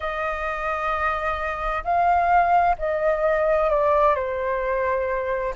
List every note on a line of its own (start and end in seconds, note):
0.00 1.83 D#5
1.83 2.76 F5
2.78 3.70 D#5
3.70 4.15 D5
4.15 5.53 C5